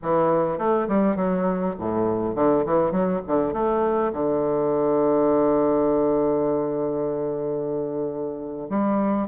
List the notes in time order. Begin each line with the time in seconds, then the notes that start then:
0.02 E3
0.58 A3
0.88 G3
1.16 F#3
1.79 A2
2.35 D3
2.65 E3
2.91 F#3
3.27 D3
3.53 A3
4.13 D3
8.69 G3